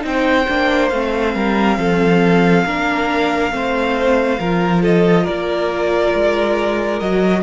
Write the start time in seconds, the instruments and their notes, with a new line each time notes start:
0.00 cello C4, viola D#4, violin C5 G5
0.48 cello A#3, viola D4
0.89 cello A3, viola C4, violin F5
1.34 cello G3, violin A#4
1.78 cello F3, violin A4
2.65 cello A#3, viola D4, violin A#4
3.51 cello A3, viola C4, violin C5
4.39 cello F3, viola F4, violin A#4
4.82 violin A4 D#5
5.23 cello A#3, violin A#4 D5
6.14 cello G#3
6.99 cello F#3, viola F#4, violin D#5